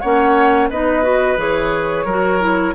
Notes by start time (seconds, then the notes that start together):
0.00 A#3 C#4 C#5 F#5
0.70 B3 D#4 B4 D#5
1.03 F#4
1.37 E3 G#4 C#5
2.05 F#3 F#4 A#4
2.40 E4